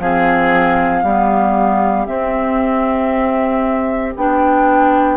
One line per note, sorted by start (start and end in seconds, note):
0.00 1.03 F3
0.00 1.05 C4
0.00 1.03 G#4
0.00 2.06 F5
1.03 2.07 G3
1.03 2.06 B3
1.03 5.17 G4
2.06 4.13 C4
2.06 4.16 C4
2.06 4.13 E5
4.17 5.17 B3
4.17 5.17 D4
4.17 5.17 G5